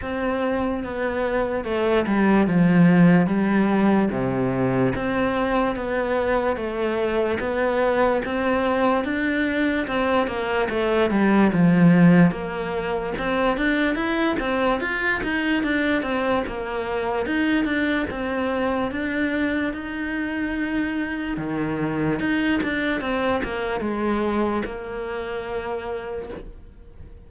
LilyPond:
\new Staff \with { instrumentName = "cello" } { \time 4/4 \tempo 4 = 73 c'4 b4 a8 g8 f4 | g4 c4 c'4 b4 | a4 b4 c'4 d'4 | c'8 ais8 a8 g8 f4 ais4 |
c'8 d'8 e'8 c'8 f'8 dis'8 d'8 c'8 | ais4 dis'8 d'8 c'4 d'4 | dis'2 dis4 dis'8 d'8 | c'8 ais8 gis4 ais2 | }